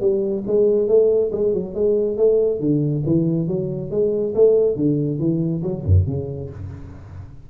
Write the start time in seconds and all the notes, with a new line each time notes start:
0.00 G3
0.47 G#3
0.88 A3
1.32 G#3
1.53 F#3
1.74 G#3
2.17 A3
2.60 D3
3.06 E3
3.47 F#3
3.90 G#3
4.34 A3
4.76 D3
5.19 E3
5.62 F#3
5.85 F#2
6.06 C#3